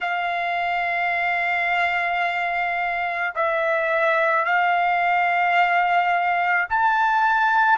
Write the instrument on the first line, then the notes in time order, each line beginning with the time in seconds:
trumpet
0.01 F5
3.35 E5
4.44 F5
6.69 A5